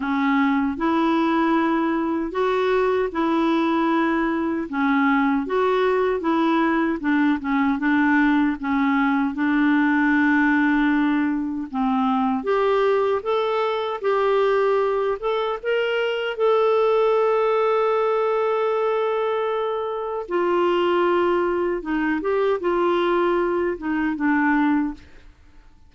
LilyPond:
\new Staff \with { instrumentName = "clarinet" } { \time 4/4 \tempo 4 = 77 cis'4 e'2 fis'4 | e'2 cis'4 fis'4 | e'4 d'8 cis'8 d'4 cis'4 | d'2. c'4 |
g'4 a'4 g'4. a'8 | ais'4 a'2.~ | a'2 f'2 | dis'8 g'8 f'4. dis'8 d'4 | }